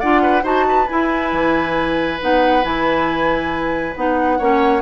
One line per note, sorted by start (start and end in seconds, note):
0.00 0.43 D4
0.00 0.42 F4
0.00 0.22 D5
0.00 0.44 F#5
0.22 0.43 B4
0.42 0.87 D#4
0.42 0.86 F#4
0.42 0.65 C5
0.42 0.89 A5
0.69 4.39 B4
0.89 2.21 E4
0.89 1.32 E4
0.89 2.20 G#5
1.32 2.20 E3
2.21 2.64 B3
2.21 2.62 D#4
2.21 2.64 F#5
2.62 3.95 E3
2.62 3.94 E4
2.62 3.96 G#5
3.96 4.40 B3
3.96 4.40 D#4
3.96 4.82 F#5
4.39 4.82 A#3
4.39 4.82 C#4
4.39 4.82 C#5